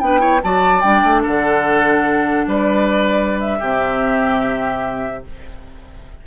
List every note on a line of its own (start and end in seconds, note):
0.00 0.42 B3
0.00 0.19 D4
0.00 0.20 B4
0.00 0.41 G5
0.19 0.39 E4
0.19 0.41 C#5
0.42 0.84 F#3
0.42 0.83 F#4
0.42 1.22 D5
0.42 0.81 A5
0.81 1.03 G3
0.81 3.60 D4
0.81 1.22 G5
1.03 1.24 A3
1.22 2.47 D3
1.22 2.45 A4
1.22 2.50 F#5
2.47 3.60 G3
2.47 3.59 B4
2.47 3.40 D5
3.40 5.24 E5
3.59 5.25 C3
3.59 5.26 C4
3.59 5.23 G4